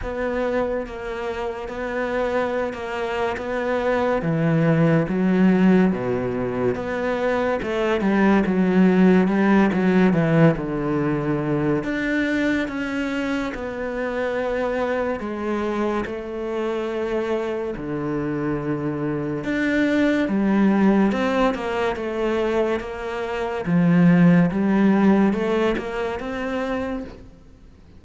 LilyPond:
\new Staff \with { instrumentName = "cello" } { \time 4/4 \tempo 4 = 71 b4 ais4 b4~ b16 ais8. | b4 e4 fis4 b,4 | b4 a8 g8 fis4 g8 fis8 | e8 d4. d'4 cis'4 |
b2 gis4 a4~ | a4 d2 d'4 | g4 c'8 ais8 a4 ais4 | f4 g4 a8 ais8 c'4 | }